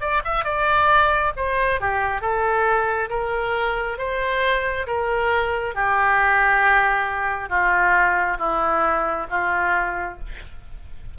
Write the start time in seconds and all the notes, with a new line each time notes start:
0.00 D5
0.24 E5
0.44 D5
1.36 C5
1.80 G4
2.21 A4
3.09 A#4
3.98 C5
4.86 A#4
5.74 G4
7.49 F4
8.38 E4
9.30 F4